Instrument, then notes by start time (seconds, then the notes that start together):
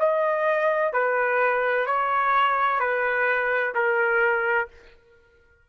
trumpet
0.00 D#5
0.94 B4
1.87 C#5
2.80 B4
3.75 A#4